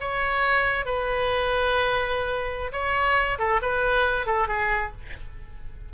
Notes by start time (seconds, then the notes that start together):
0.00 C#5
0.85 B4
2.72 C#5
3.38 A4
3.62 B4
4.26 A4
4.48 G#4